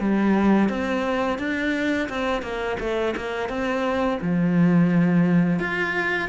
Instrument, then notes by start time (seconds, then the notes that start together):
cello
0.00 G3
0.69 C4
1.39 D4
2.09 C4
2.43 A#3
2.80 A3
3.16 A#3
3.49 C4
4.22 F3
5.60 F4